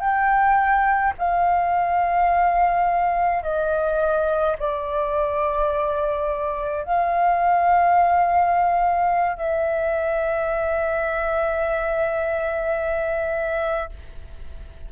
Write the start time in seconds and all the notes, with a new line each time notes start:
0.00 G5
1.18 F5
3.43 D#5
4.58 D5
6.84 F5
9.37 E5